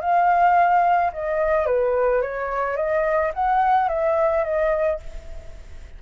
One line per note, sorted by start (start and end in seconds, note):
0.00 1.11 F5
1.12 1.65 D#5
1.65 2.21 B4
2.21 2.76 C#5
2.76 3.32 D#5
3.34 3.88 F#5
3.88 4.44 E5
4.44 4.99 D#5